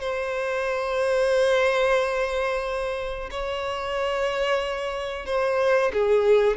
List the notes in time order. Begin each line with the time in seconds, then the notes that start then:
0.00 C5
3.30 C#5
5.26 C5
5.93 G#4